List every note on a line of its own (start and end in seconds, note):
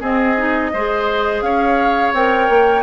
0.00 0.35 C4
0.00 0.72 C4
0.00 0.71 G#4
0.00 1.42 D#5
0.37 0.72 D#4
0.73 1.42 G#3
0.73 2.15 G#4
0.73 1.44 C5
1.42 2.12 C#4
1.42 2.83 C#5
1.42 2.12 F5
2.13 2.48 C4
2.13 2.83 A#4
2.13 2.83 G5
2.49 2.83 A#3